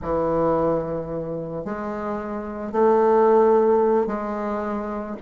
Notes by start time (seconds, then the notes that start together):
0.01 E3
1.64 G#3
2.71 A3
4.06 G#3